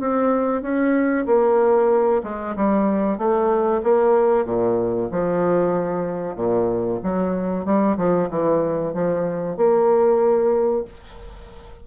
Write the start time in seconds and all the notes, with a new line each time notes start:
0.00 C4
0.62 C#4
1.26 A#3
2.23 G#3
2.56 G3
3.18 A3
3.83 A#3
4.45 A#2
5.11 F3
6.36 A#2
7.03 F#3
7.65 G3
7.97 F3
8.30 E3
8.93 F3
9.57 A#3